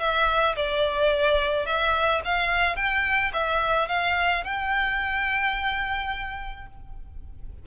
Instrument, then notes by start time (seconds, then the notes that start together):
violin
0.00 E5
0.56 D5
1.66 E5
2.24 F5
2.76 G5
3.33 E5
3.88 F5
4.44 G5